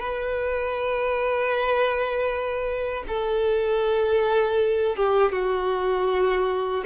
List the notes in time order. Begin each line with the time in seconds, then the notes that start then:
0.00 B4
3.08 A4
4.96 G4
5.32 F#4